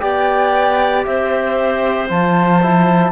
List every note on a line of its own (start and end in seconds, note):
0.00 1.06 B3
0.00 2.08 G4
0.00 1.06 D5
0.00 1.03 G5
1.05 2.10 C4
1.05 3.12 C5
1.05 2.08 E5
2.09 3.12 F3
2.09 2.61 F4
2.09 3.12 A5
2.62 3.12 E4